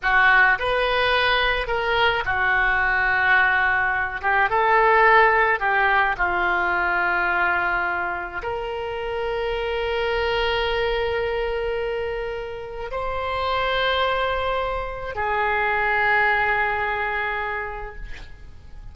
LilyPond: \new Staff \with { instrumentName = "oboe" } { \time 4/4 \tempo 4 = 107 fis'4 b'2 ais'4 | fis'2.~ fis'8 g'8 | a'2 g'4 f'4~ | f'2. ais'4~ |
ais'1~ | ais'2. c''4~ | c''2. gis'4~ | gis'1 | }